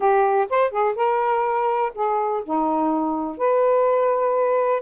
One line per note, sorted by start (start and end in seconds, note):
0.00 0.47 G4
0.49 0.70 C5
0.70 0.95 G#4
0.95 1.92 A#4
1.94 2.43 G#4
2.44 3.37 D#4
3.37 4.82 B4